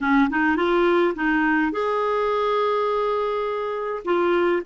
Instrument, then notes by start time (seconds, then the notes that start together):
clarinet
0.00 C#4
0.30 D#4
0.56 F4
1.15 D#4
1.72 G#4
4.05 F4